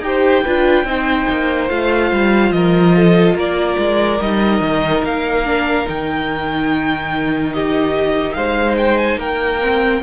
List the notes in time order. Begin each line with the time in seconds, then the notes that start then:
0.00 D#4 G4 C5 G5
0.43 D4 F4 B4
0.84 C4 D#4 C5
1.29 A#3
1.68 A3 F4 F5
2.11 G3
2.51 F3 A#4 D#5
2.96 A4
3.34 A#3 A#4 D5
3.78 G#3
4.20 G3 D#4 D#5
4.60 D#3
5.03 A#3 F5
5.45 D4
5.85 D#3 D#4 G5
7.53 G4 D#5
8.33 G#3 C5 F5
8.77 G5
8.98 G#5
9.16 A#3 A#4 G5
9.61 C4